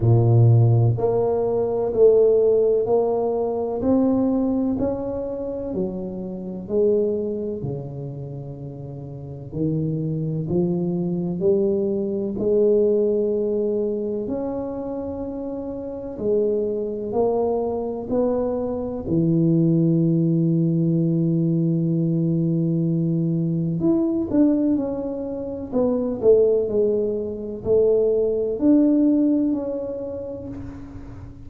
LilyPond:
\new Staff \with { instrumentName = "tuba" } { \time 4/4 \tempo 4 = 63 ais,4 ais4 a4 ais4 | c'4 cis'4 fis4 gis4 | cis2 dis4 f4 | g4 gis2 cis'4~ |
cis'4 gis4 ais4 b4 | e1~ | e4 e'8 d'8 cis'4 b8 a8 | gis4 a4 d'4 cis'4 | }